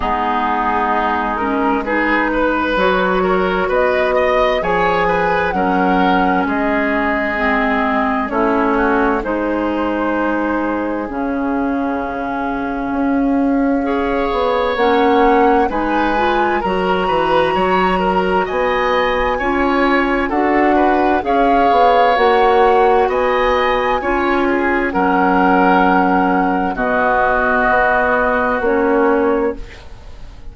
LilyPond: <<
  \new Staff \with { instrumentName = "flute" } { \time 4/4 \tempo 4 = 65 gis'4. ais'8 b'4 cis''4 | dis''4 gis''4 fis''4 dis''4~ | dis''4 cis''4 c''2 | f''1 |
fis''4 gis''4 ais''2 | gis''2 fis''4 f''4 | fis''4 gis''2 fis''4~ | fis''4 dis''2 cis''4 | }
  \new Staff \with { instrumentName = "oboe" } { \time 4/4 dis'2 gis'8 b'4 ais'8 | b'8 dis''8 cis''8 b'8 ais'4 gis'4~ | gis'4 e'8 fis'8 gis'2~ | gis'2. cis''4~ |
cis''4 b'4 ais'8 b'8 cis''8 ais'8 | dis''4 cis''4 a'8 b'8 cis''4~ | cis''4 dis''4 cis''8 gis'8 ais'4~ | ais'4 fis'2. | }
  \new Staff \with { instrumentName = "clarinet" } { \time 4/4 b4. cis'8 dis'4 fis'4~ | fis'4 gis'4 cis'2 | c'4 cis'4 dis'2 | cis'2. gis'4 |
cis'4 dis'8 f'8 fis'2~ | fis'4 f'4 fis'4 gis'4 | fis'2 f'4 cis'4~ | cis'4 b2 cis'4 | }
  \new Staff \with { instrumentName = "bassoon" } { \time 4/4 gis2. fis4 | b4 f4 fis4 gis4~ | gis4 a4 gis2 | cis2 cis'4. b8 |
ais4 gis4 fis8 e8 fis4 | b4 cis'4 d'4 cis'8 b8 | ais4 b4 cis'4 fis4~ | fis4 b,4 b4 ais4 | }
>>